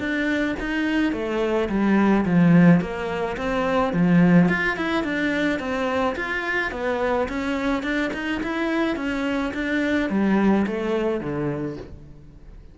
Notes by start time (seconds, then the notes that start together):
0.00 D4
0.60 D#4
1.13 A3
1.69 G3
2.26 F3
2.81 A#3
3.37 C4
3.93 F3
4.49 F4
4.77 E4
5.04 D4
5.60 C4
6.16 F4
6.72 B3
7.29 C#4
7.83 D4
8.14 D#4
8.43 E4
8.97 C#4
9.54 D4
10.10 G3
10.67 A3
11.21 D3